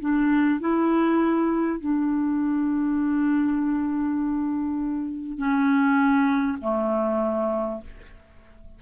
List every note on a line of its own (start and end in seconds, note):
0.00 0.60 D4
0.61 1.80 E4
1.80 5.38 D4
5.38 6.58 C#4
6.61 7.81 A3